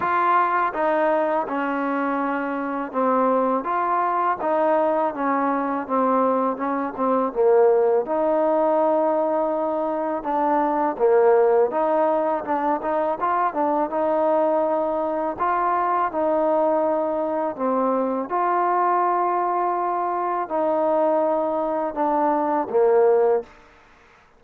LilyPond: \new Staff \with { instrumentName = "trombone" } { \time 4/4 \tempo 4 = 82 f'4 dis'4 cis'2 | c'4 f'4 dis'4 cis'4 | c'4 cis'8 c'8 ais4 dis'4~ | dis'2 d'4 ais4 |
dis'4 d'8 dis'8 f'8 d'8 dis'4~ | dis'4 f'4 dis'2 | c'4 f'2. | dis'2 d'4 ais4 | }